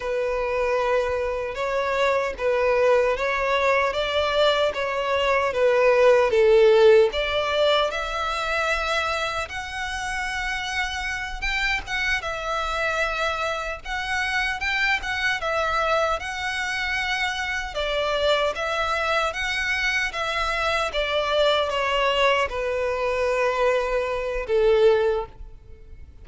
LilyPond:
\new Staff \with { instrumentName = "violin" } { \time 4/4 \tempo 4 = 76 b'2 cis''4 b'4 | cis''4 d''4 cis''4 b'4 | a'4 d''4 e''2 | fis''2~ fis''8 g''8 fis''8 e''8~ |
e''4. fis''4 g''8 fis''8 e''8~ | e''8 fis''2 d''4 e''8~ | e''8 fis''4 e''4 d''4 cis''8~ | cis''8 b'2~ b'8 a'4 | }